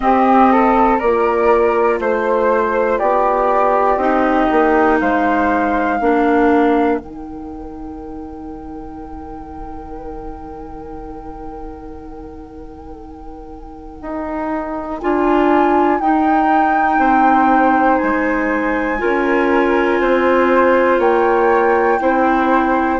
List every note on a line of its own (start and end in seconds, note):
0.00 0.99 C4
0.00 1.01 C4
0.00 0.51 G4
0.00 0.98 D#5
0.51 0.99 A4
0.99 1.99 A#3
0.99 3.99 F4
0.99 1.99 A#4
0.99 1.99 D5
1.99 2.99 A3
1.99 2.99 C5
1.99 2.98 C5
2.98 3.96 B3
2.98 4.99 G4
2.98 3.98 D5
3.96 4.46 C4
3.96 5.99 D#4
3.96 4.98 D#5
4.51 5.01 A#3
4.99 6.00 G#3
4.99 5.98 C5
4.99 6.98 F5
5.98 6.99 A#3
5.98 6.99 D4
5.98 16.98 A#4
6.98 13.99 D#3
6.98 14.99 D#4
6.98 14.98 G5
14.01 15.01 D#4
15.00 16.00 D4
15.00 16.00 F4
15.00 16.00 G#5
16.00 16.98 D#4
16.00 18.98 D#4
16.00 17.98 G5
16.98 17.98 C4
16.98 18.99 C5
17.98 19.02 G#3
17.98 20.98 G#5
18.98 20.00 C#4
18.98 21.98 F4
18.98 20.00 A#4
20.00 20.99 C4
20.00 20.99 C5
20.99 21.99 A#3
20.99 21.99 C#5
20.99 22.99 G5
21.99 22.99 C4
21.99 22.99 E4
21.99 22.99 C5